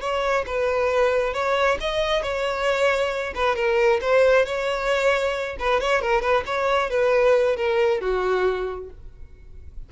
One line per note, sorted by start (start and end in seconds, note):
0.00 0.44 C#5
0.46 1.33 B4
1.33 1.78 C#5
1.80 2.22 D#5
2.22 3.33 C#5
3.35 3.55 B4
3.55 4.00 A#4
4.01 4.45 C5
4.45 5.56 C#5
5.59 5.80 B4
5.80 6.01 C#5
6.01 6.21 A#4
6.21 6.43 B4
6.45 6.90 C#5
6.90 7.56 B4
7.56 8.00 A#4
8.00 8.89 F#4